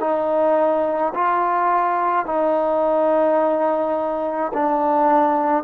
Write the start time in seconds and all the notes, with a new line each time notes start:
0.00 D#4
1.15 F4
2.26 D#4
4.54 D4